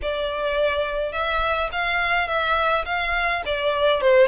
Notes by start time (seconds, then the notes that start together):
0.02 D5
1.12 E5
1.72 F5
2.27 E5
2.85 F5
3.45 D5
4.01 C5